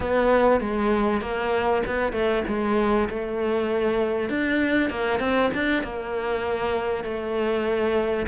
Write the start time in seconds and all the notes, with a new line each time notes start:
0.00 B3
0.60 G#3
1.21 A#3
1.86 B3
2.12 A3
2.47 G#3
3.09 A3
4.29 D4
4.90 A#3
5.19 C4
5.54 D4
5.83 A#3
7.04 A3